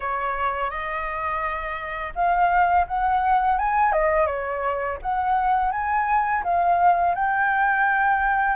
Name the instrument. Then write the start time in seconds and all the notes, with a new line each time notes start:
flute
0.00 C#5
0.70 D#5
2.15 F5
2.87 F#5
3.58 G#5
3.92 D#5
4.26 C#5
5.02 F#5
5.71 G#5
6.43 F5
7.15 G5